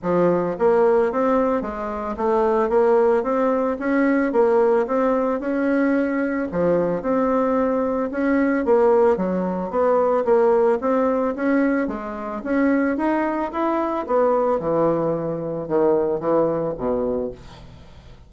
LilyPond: \new Staff \with { instrumentName = "bassoon" } { \time 4/4 \tempo 4 = 111 f4 ais4 c'4 gis4 | a4 ais4 c'4 cis'4 | ais4 c'4 cis'2 | f4 c'2 cis'4 |
ais4 fis4 b4 ais4 | c'4 cis'4 gis4 cis'4 | dis'4 e'4 b4 e4~ | e4 dis4 e4 b,4 | }